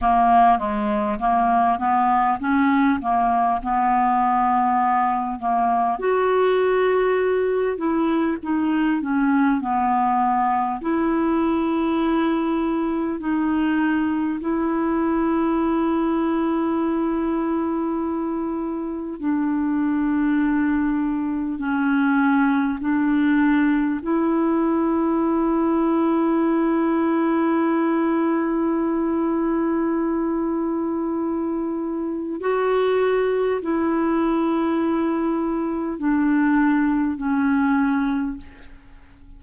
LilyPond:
\new Staff \with { instrumentName = "clarinet" } { \time 4/4 \tempo 4 = 50 ais8 gis8 ais8 b8 cis'8 ais8 b4~ | b8 ais8 fis'4. e'8 dis'8 cis'8 | b4 e'2 dis'4 | e'1 |
d'2 cis'4 d'4 | e'1~ | e'2. fis'4 | e'2 d'4 cis'4 | }